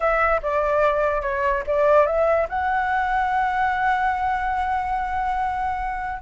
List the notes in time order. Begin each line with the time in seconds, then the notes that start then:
0.00 E5
0.42 D5
1.21 C#5
1.67 D5
2.06 E5
2.49 F#5